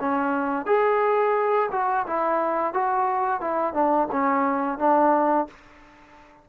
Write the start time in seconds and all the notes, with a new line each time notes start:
0.00 C#4
0.66 G#4
1.72 F#4
2.07 E4
2.74 F#4
3.41 E4
3.74 D4
4.12 C#4
4.79 D4